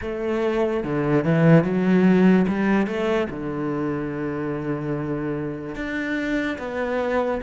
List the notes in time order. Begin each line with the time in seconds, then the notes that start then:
0.01 A3
0.83 D3
1.24 E3
1.64 F#3
2.47 G3
2.86 A3
3.30 D3
5.75 D4
6.58 B3